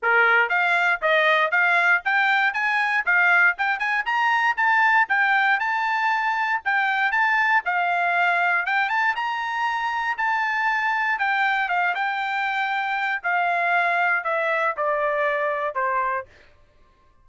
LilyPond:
\new Staff \with { instrumentName = "trumpet" } { \time 4/4 \tempo 4 = 118 ais'4 f''4 dis''4 f''4 | g''4 gis''4 f''4 g''8 gis''8 | ais''4 a''4 g''4 a''4~ | a''4 g''4 a''4 f''4~ |
f''4 g''8 a''8 ais''2 | a''2 g''4 f''8 g''8~ | g''2 f''2 | e''4 d''2 c''4 | }